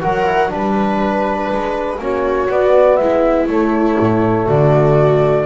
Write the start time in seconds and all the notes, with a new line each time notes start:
0.00 F#3 F#4 A#4 F#5
0.25 E4
0.48 G3 D4 B4
1.51 G#3
1.98 A#3 C#4 F#4 C#5
2.48 B3 D5
2.96 G#3 E4 E5
3.47 A3 C#5
3.99 A2
4.46 D3 F#4 D5